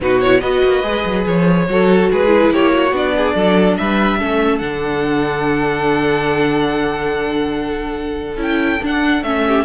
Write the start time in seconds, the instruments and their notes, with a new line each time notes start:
0.00 cello B2, viola D#4, violin F#4 B4
0.20 viola E4, violin C#5
0.40 cello B3, viola F#4, violin B4 D#5
0.63 cello A#3
0.83 cello G#3, viola G#4
1.05 cello F#3
1.26 cello F3, violin C#5
1.67 cello F#3, viola F#4, violin A4
2.11 cello G#3, violin G#4 B4
2.26 viola E4
2.50 cello A#3, violin G4 C#5
2.72 violin F#4
2.91 cello B3, viola D4, violin D5
3.16 violin G#4
3.35 cello F#3, violin A4
3.76 cello G3, violin B4 E5
4.19 cello A3, viola C#4, violin A4
4.58 cello D3, viola D4, violin F#5
8.36 cello C#4, viola E4, violin G5
8.82 viola D4, cello D4, violin F#5
9.22 cello A3, viola C#4, violin E5
9.47 violin G4